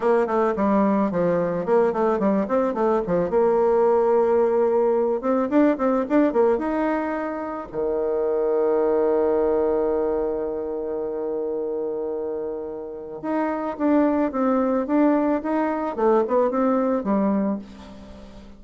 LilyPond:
\new Staff \with { instrumentName = "bassoon" } { \time 4/4 \tempo 4 = 109 ais8 a8 g4 f4 ais8 a8 | g8 c'8 a8 f8 ais2~ | ais4. c'8 d'8 c'8 d'8 ais8 | dis'2 dis2~ |
dis1~ | dis1 | dis'4 d'4 c'4 d'4 | dis'4 a8 b8 c'4 g4 | }